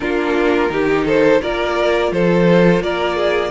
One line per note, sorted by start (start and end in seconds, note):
0.00 0.69 A#3
0.00 0.70 D4
0.00 0.71 F4
0.00 1.05 A#4
0.69 1.40 D#3
0.69 1.41 D#4
0.69 1.05 G4
1.05 1.40 A4
1.05 1.42 C5
1.41 2.11 A#3
1.41 3.50 F4
1.41 2.11 A#4
1.41 2.12 D5
2.11 2.80 F3
2.11 2.82 A4
2.11 2.82 C5
2.80 3.50 A#3
2.80 3.16 A#4
2.80 3.50 D5
3.16 3.50 G#4